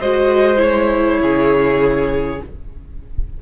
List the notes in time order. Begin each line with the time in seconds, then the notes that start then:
0.00 G#3 F#4 C5 D#5
0.57 E4 C#5
1.20 C#3 G#4